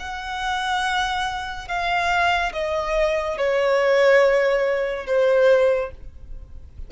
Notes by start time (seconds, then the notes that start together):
0.00 F#5
1.69 F5
2.54 D#5
3.38 C#5
5.07 C5